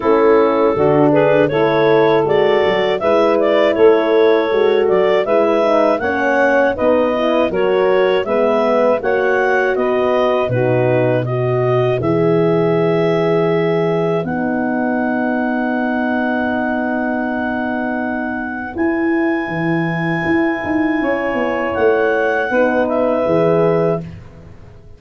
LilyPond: <<
  \new Staff \with { instrumentName = "clarinet" } { \time 4/4 \tempo 4 = 80 a'4. b'8 cis''4 d''4 | e''8 d''8 cis''4. d''8 e''4 | fis''4 dis''4 cis''4 e''4 | fis''4 dis''4 b'4 dis''4 |
e''2. fis''4~ | fis''1~ | fis''4 gis''2.~ | gis''4 fis''4. e''4. | }
  \new Staff \with { instrumentName = "saxophone" } { \time 4/4 e'4 fis'8 gis'8 a'2 | b'4 a'2 b'4 | cis''4 b'4 ais'4 b'4 | cis''4 b'4 fis'4 b'4~ |
b'1~ | b'1~ | b'1 | cis''2 b'2 | }
  \new Staff \with { instrumentName = "horn" } { \time 4/4 cis'4 d'4 e'4 fis'4 | e'2 fis'4 e'8 dis'8 | cis'4 dis'8 e'8 fis'4 b4 | fis'2 dis'4 fis'4 |
gis'2. dis'4~ | dis'1~ | dis'4 e'2.~ | e'2 dis'4 gis'4 | }
  \new Staff \with { instrumentName = "tuba" } { \time 4/4 a4 d4 a4 gis8 fis8 | gis4 a4 gis8 fis8 gis4 | ais4 b4 fis4 gis4 | ais4 b4 b,2 |
e2. b4~ | b1~ | b4 e'4 e4 e'8 dis'8 | cis'8 b8 a4 b4 e4 | }
>>